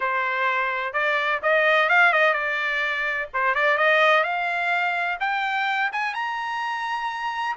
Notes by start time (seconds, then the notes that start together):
0.00 C5
0.93 D5
1.42 D#5
1.89 F5
2.13 D#5
2.33 D5
3.33 C5
3.54 D5
3.77 D#5
4.23 F5
5.20 G5
5.92 G#5
6.14 A#5